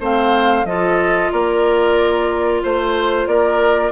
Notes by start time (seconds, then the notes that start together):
0.00 A3 C4 C5 F5
0.64 F3 F4 A4 D#5
1.32 A#3 A#4 D5
2.63 A3 C5
3.26 A#3 A#4 D5